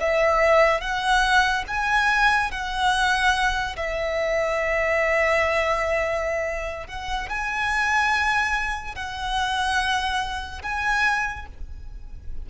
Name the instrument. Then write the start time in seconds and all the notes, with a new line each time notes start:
violin
0.00 E5
0.81 F#5
1.68 G#5
2.51 F#5
3.76 E5
6.87 F#5
7.29 G#5
8.95 F#5
10.62 G#5